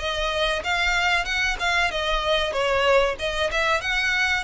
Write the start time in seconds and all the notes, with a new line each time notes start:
0.00 D#5
0.64 F5
1.25 F#5
1.60 F5
1.91 D#5
2.53 C#5
3.19 D#5
3.52 E5
3.81 F#5